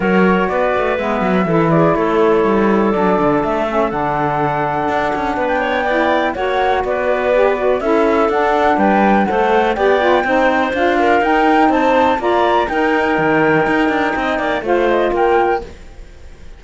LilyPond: <<
  \new Staff \with { instrumentName = "flute" } { \time 4/4 \tempo 4 = 123 cis''4 d''4 e''4. d''8 | cis''2 d''4 e''4 | fis''2.~ fis''16 g''8.~ | g''4 fis''4 d''2 |
e''4 fis''4 g''4 fis''4 | g''2 f''4 g''4 | a''4 ais''4 g''2~ | g''2 f''8 dis''8 g''4 | }
  \new Staff \with { instrumentName = "clarinet" } { \time 4/4 ais'4 b'2 a'8 gis'8 | a'1~ | a'2. b'8 cis''8 | d''4 cis''4 b'2 |
a'2 b'4 c''4 | d''4 c''4. ais'4. | c''4 d''4 ais'2~ | ais'4 dis''8 d''8 c''4 ais'4 | }
  \new Staff \with { instrumentName = "saxophone" } { \time 4/4 fis'2 b4 e'4~ | e'2 d'4. cis'8 | d'1 | e'4 fis'2 g'8 fis'8 |
e'4 d'2 a'4 | g'8 f'8 dis'4 f'4 dis'4~ | dis'4 f'4 dis'2~ | dis'2 f'2 | }
  \new Staff \with { instrumentName = "cello" } { \time 4/4 fis4 b8 a8 gis8 fis8 e4 | a4 g4 fis8 d8 a4 | d2 d'8 cis'8 b4~ | b4 ais4 b2 |
cis'4 d'4 g4 a4 | b4 c'4 d'4 dis'4 | c'4 ais4 dis'4 dis4 | dis'8 d'8 c'8 ais8 a4 ais4 | }
>>